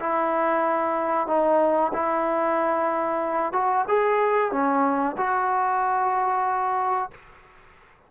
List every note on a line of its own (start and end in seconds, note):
0.00 1.28 E4
1.28 1.92 D#4
1.93 3.53 E4
3.53 3.85 F#4
3.88 4.52 G#4
4.52 5.16 C#4
5.17 7.11 F#4